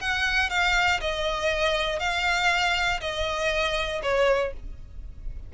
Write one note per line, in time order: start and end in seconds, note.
0.00 0.50 F#5
0.50 1.00 F5
1.00 1.99 D#5
1.99 3.00 F5
3.00 4.01 D#5
4.02 4.52 C#5